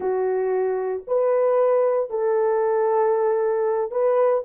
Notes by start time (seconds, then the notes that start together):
0.00 F#4
1.07 B4
2.10 A4
3.91 B4